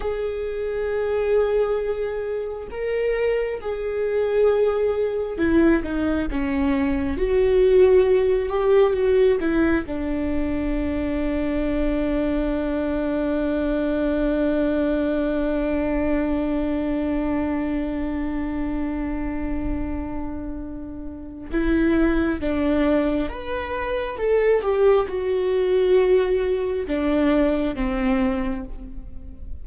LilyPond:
\new Staff \with { instrumentName = "viola" } { \time 4/4 \tempo 4 = 67 gis'2. ais'4 | gis'2 e'8 dis'8 cis'4 | fis'4. g'8 fis'8 e'8 d'4~ | d'1~ |
d'1~ | d'1 | e'4 d'4 b'4 a'8 g'8 | fis'2 d'4 c'4 | }